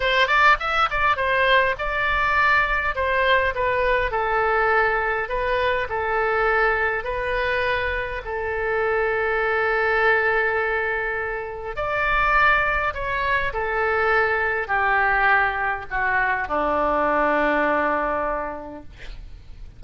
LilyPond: \new Staff \with { instrumentName = "oboe" } { \time 4/4 \tempo 4 = 102 c''8 d''8 e''8 d''8 c''4 d''4~ | d''4 c''4 b'4 a'4~ | a'4 b'4 a'2 | b'2 a'2~ |
a'1 | d''2 cis''4 a'4~ | a'4 g'2 fis'4 | d'1 | }